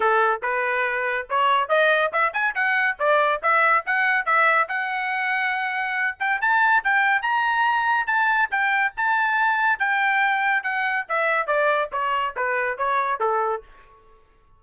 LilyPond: \new Staff \with { instrumentName = "trumpet" } { \time 4/4 \tempo 4 = 141 a'4 b'2 cis''4 | dis''4 e''8 gis''8 fis''4 d''4 | e''4 fis''4 e''4 fis''4~ | fis''2~ fis''8 g''8 a''4 |
g''4 ais''2 a''4 | g''4 a''2 g''4~ | g''4 fis''4 e''4 d''4 | cis''4 b'4 cis''4 a'4 | }